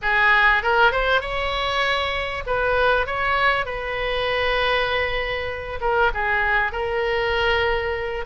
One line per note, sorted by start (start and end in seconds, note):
0.01 0.62 G#4
0.62 0.91 A#4
0.91 1.21 C5
1.21 2.43 C#5
2.46 3.06 B4
3.06 3.65 C#5
3.65 5.79 B4
5.80 6.11 A#4
6.14 6.72 G#4
6.72 8.25 A#4